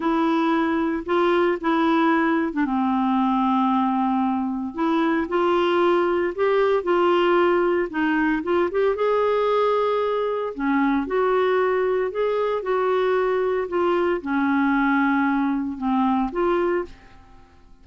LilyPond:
\new Staff \with { instrumentName = "clarinet" } { \time 4/4 \tempo 4 = 114 e'2 f'4 e'4~ | e'8. d'16 c'2.~ | c'4 e'4 f'2 | g'4 f'2 dis'4 |
f'8 g'8 gis'2. | cis'4 fis'2 gis'4 | fis'2 f'4 cis'4~ | cis'2 c'4 f'4 | }